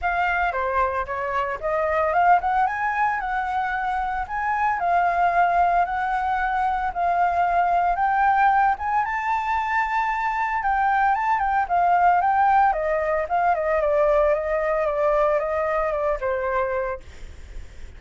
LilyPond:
\new Staff \with { instrumentName = "flute" } { \time 4/4 \tempo 4 = 113 f''4 c''4 cis''4 dis''4 | f''8 fis''8 gis''4 fis''2 | gis''4 f''2 fis''4~ | fis''4 f''2 g''4~ |
g''8 gis''8 a''2. | g''4 a''8 g''8 f''4 g''4 | dis''4 f''8 dis''8 d''4 dis''4 | d''4 dis''4 d''8 c''4. | }